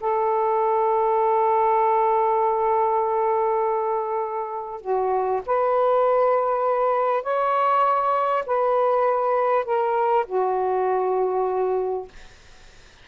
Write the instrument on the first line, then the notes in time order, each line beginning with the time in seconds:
saxophone
0.00 A4
4.81 F#4
5.46 B4
7.23 C#5
8.46 B4
9.65 A#4
10.26 F#4